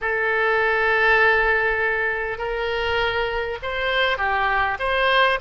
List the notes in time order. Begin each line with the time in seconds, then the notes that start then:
0.01 A4
2.38 A#4
3.62 C5
4.17 G4
4.79 C5